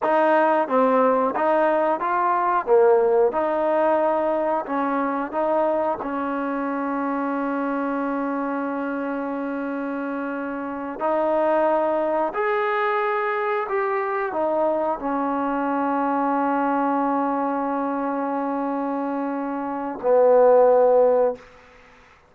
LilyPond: \new Staff \with { instrumentName = "trombone" } { \time 4/4 \tempo 4 = 90 dis'4 c'4 dis'4 f'4 | ais4 dis'2 cis'4 | dis'4 cis'2.~ | cis'1~ |
cis'8 dis'2 gis'4.~ | gis'8 g'4 dis'4 cis'4.~ | cis'1~ | cis'2 b2 | }